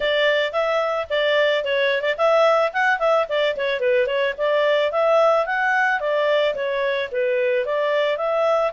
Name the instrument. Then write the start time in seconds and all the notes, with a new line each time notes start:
clarinet
0.00 D5
0.52 E5
1.09 D5
1.64 C#5
2.01 D5
2.17 E5
2.72 F#5
2.99 E5
3.28 D5
3.56 C#5
3.79 B4
4.06 C#5
4.37 D5
4.91 E5
5.45 F#5
6.00 D5
6.54 C#5
7.11 B4
7.65 D5
8.17 E5